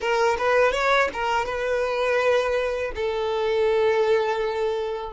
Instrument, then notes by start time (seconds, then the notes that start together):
violin
0.00 A#4
0.38 B4
0.72 C#5
1.13 A#4
1.45 B4
2.95 A4